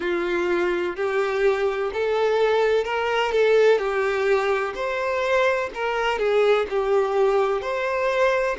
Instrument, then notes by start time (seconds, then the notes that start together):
violin
0.00 F4
0.96 G4
1.93 A4
2.84 A#4
3.32 A4
3.78 G4
4.74 C5
5.74 A#4
6.19 G#4
6.69 G4
7.61 C5